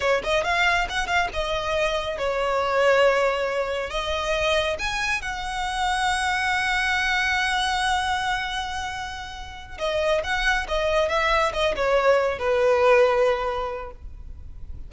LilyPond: \new Staff \with { instrumentName = "violin" } { \time 4/4 \tempo 4 = 138 cis''8 dis''8 f''4 fis''8 f''8 dis''4~ | dis''4 cis''2.~ | cis''4 dis''2 gis''4 | fis''1~ |
fis''1~ | fis''2~ fis''8 dis''4 fis''8~ | fis''8 dis''4 e''4 dis''8 cis''4~ | cis''8 b'2.~ b'8 | }